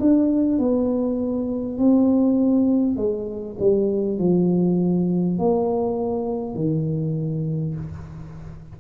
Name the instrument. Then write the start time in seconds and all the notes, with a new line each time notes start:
tuba
0.00 D4
0.58 B3
1.78 C4
2.97 G#3
3.59 G3
4.19 F3
5.39 A#3
6.55 D#3